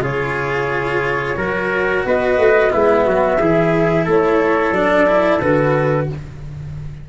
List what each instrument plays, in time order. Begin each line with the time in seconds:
0.00 tuba C#3, cello F4, trumpet G#4, flute C#5
1.36 tuba F#3, cello F#4, trumpet A#4
2.06 tuba B3, trumpet B4, flute D#5
2.38 tuba A3
2.70 tuba G#3, cello B3, trumpet E4, flute E5
3.06 tuba F#3, trumpet F#4
3.40 tuba E3, cello E4, trumpet G#4
4.05 tuba A3, trumpet A4, flute C#5
4.72 tuba F#3, cello D4, flute D5
5.07 cello E4
5.41 tuba D3, cello F#4, flute B4